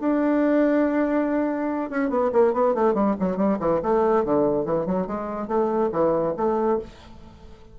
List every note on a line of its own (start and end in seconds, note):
0.00 1.90 D4
1.90 2.10 C#4
2.10 2.31 B3
2.32 2.53 A#3
2.53 2.74 B3
2.74 2.94 A3
2.94 3.15 G3
3.19 3.37 F#3
3.37 3.58 G3
3.60 3.81 E3
3.82 4.24 A3
4.24 4.65 D3
4.65 4.86 E3
4.86 5.06 F#3
5.06 5.48 G#3
5.48 5.90 A3
5.92 6.34 E3
6.37 6.79 A3